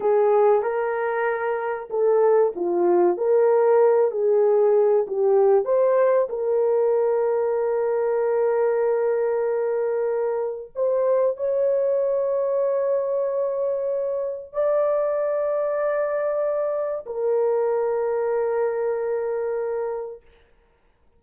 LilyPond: \new Staff \with { instrumentName = "horn" } { \time 4/4 \tempo 4 = 95 gis'4 ais'2 a'4 | f'4 ais'4. gis'4. | g'4 c''4 ais'2~ | ais'1~ |
ais'4 c''4 cis''2~ | cis''2. d''4~ | d''2. ais'4~ | ais'1 | }